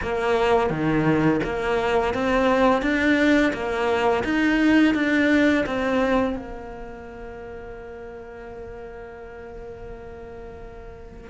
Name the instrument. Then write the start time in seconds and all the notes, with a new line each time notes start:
cello
0.02 A#3
0.69 D#3
1.43 A#3
2.14 C4
2.81 D4
3.53 A#3
4.24 D#4
4.94 D4
5.65 C4
6.35 A#3